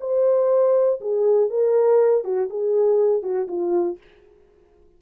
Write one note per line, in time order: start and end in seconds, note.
0.00 1.00 C5
1.00 1.49 G#4
1.49 2.24 A#4
2.24 2.49 F#4
2.49 3.22 G#4
3.22 3.47 F#4
3.48 3.98 F4